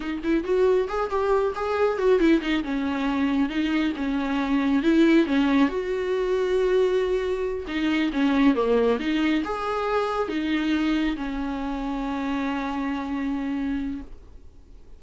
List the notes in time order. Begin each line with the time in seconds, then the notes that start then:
0.00 D#4
0.23 E4
0.44 F#4
0.88 G#4
1.09 G4
1.55 G#4
1.98 F#4
2.19 E4
2.41 D#4
2.63 C#4
3.49 D#4
3.96 C#4
4.83 E4
5.26 C#4
5.68 F#4
7.67 D#4
8.12 C#4
8.54 A#3
8.99 D#4
9.44 G#4
10.28 D#4
11.16 C#4